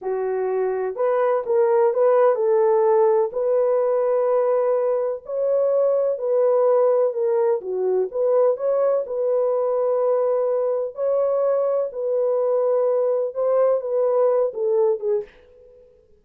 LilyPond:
\new Staff \with { instrumentName = "horn" } { \time 4/4 \tempo 4 = 126 fis'2 b'4 ais'4 | b'4 a'2 b'4~ | b'2. cis''4~ | cis''4 b'2 ais'4 |
fis'4 b'4 cis''4 b'4~ | b'2. cis''4~ | cis''4 b'2. | c''4 b'4. a'4 gis'8 | }